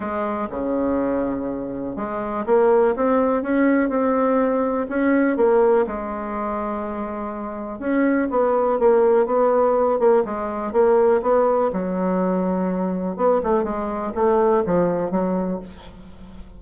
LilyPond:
\new Staff \with { instrumentName = "bassoon" } { \time 4/4 \tempo 4 = 123 gis4 cis2. | gis4 ais4 c'4 cis'4 | c'2 cis'4 ais4 | gis1 |
cis'4 b4 ais4 b4~ | b8 ais8 gis4 ais4 b4 | fis2. b8 a8 | gis4 a4 f4 fis4 | }